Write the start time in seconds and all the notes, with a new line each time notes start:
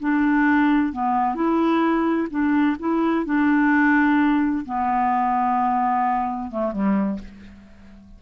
0.00 D4
0.93 B3
1.35 E4
2.30 D4
2.80 E4
3.26 D4
4.66 B3
6.51 A3
6.73 G3